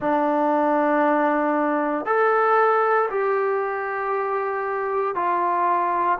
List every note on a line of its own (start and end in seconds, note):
0.00 2.05 D4
2.05 3.08 A4
3.10 5.14 G4
5.14 6.18 F4